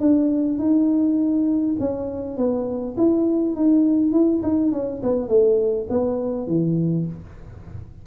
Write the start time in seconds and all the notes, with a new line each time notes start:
0.00 D4
0.59 D#4
1.80 C#4
2.37 B3
2.97 E4
3.55 D#4
4.12 E4
4.43 D#4
4.72 C#4
5.03 B3
5.29 A3
5.90 B3
6.48 E3